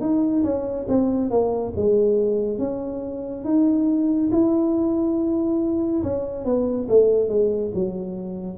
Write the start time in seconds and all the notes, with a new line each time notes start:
0.00 D#4
0.43 C#4
0.88 C4
1.30 A#3
1.75 G#3
2.58 C#4
3.44 D#4
4.31 E4
6.03 C#4
6.44 B3
6.88 A3
7.28 G#3
7.74 F#3